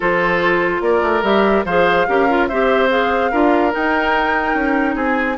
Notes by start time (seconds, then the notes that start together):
0.00 F3 F4 A4 C5
0.80 A#3 A#4 D5
1.02 A3
1.22 G3 G4 E5
1.64 F3 G#4 C5 F5
2.07 C#4 G4 A#4
2.29 F4
2.47 C4 G4 C5 E5
2.89 G#4 F5
3.31 D4 F4 A#4
3.71 D#4 G5
4.54 C#4
4.95 C4 G#4 G#5